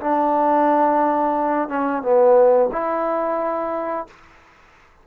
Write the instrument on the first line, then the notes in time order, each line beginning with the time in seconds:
trombone
0.00 D4
1.69 C#4
2.02 B3
2.72 E4